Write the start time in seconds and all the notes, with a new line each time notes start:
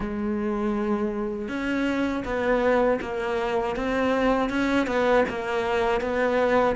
0.00 G#3
1.48 C#4
2.24 B3
3.01 A#3
3.76 C4
4.49 C#4
4.86 B3
5.28 A#3
6.00 B3